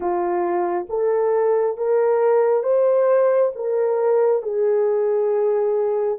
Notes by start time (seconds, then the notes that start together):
0.00 F4
0.89 A4
1.76 A#4
2.63 C5
3.55 A#4
4.42 G#4